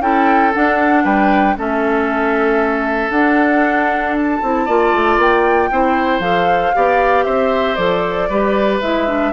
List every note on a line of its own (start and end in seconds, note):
0.00 0.52 C#4
0.00 0.53 E4
0.00 1.03 A4
0.00 0.53 G5
0.53 1.57 D4
0.53 1.04 D4
0.53 1.05 F#5
1.03 1.56 G3
1.03 1.55 B4
1.03 1.57 G5
1.57 3.10 A3
1.57 3.12 C#4
1.57 4.65 A4
1.57 3.10 E5
3.10 4.39 D4
3.10 4.42 D4
3.10 4.14 F#5
4.16 5.19 A5
4.42 4.67 C4
4.42 4.68 E4
4.65 4.93 A#3
4.65 5.71 F4
4.65 5.69 D5
4.93 5.17 A3
5.17 5.69 A#3
5.17 6.20 G5
5.71 6.19 C4
5.71 6.21 E4
5.71 6.75 C5
6.19 6.71 F3
6.19 6.73 A4
6.19 7.23 F5
6.74 7.26 B3
6.74 7.77 G4
6.74 7.25 D5
7.23 7.77 C4
7.23 8.28 C5
7.23 7.75 E5
7.75 8.29 F3
7.75 8.28 A4
7.75 8.78 D5
8.29 8.81 G3
8.29 8.82 G4
8.29 9.32 B4
8.81 9.32 G#3
8.81 9.07 E4
8.81 9.32 E5
9.07 9.32 D4